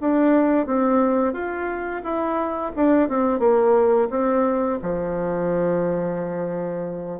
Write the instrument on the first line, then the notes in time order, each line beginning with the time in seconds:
bassoon
0.00 D4
0.66 C4
1.33 F4
2.03 E4
2.76 D4
3.08 C4
3.39 A#3
4.10 C4
4.82 F3